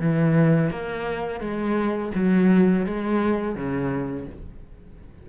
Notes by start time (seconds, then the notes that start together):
0.00 E3
0.70 A#3
1.40 G#3
2.15 F#3
2.86 G#3
3.55 C#3